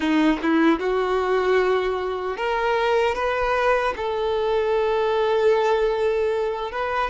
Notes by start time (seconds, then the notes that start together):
0.00 D#4
0.42 E4
0.79 F#4
2.36 A#4
3.14 B4
3.96 A4
6.71 B4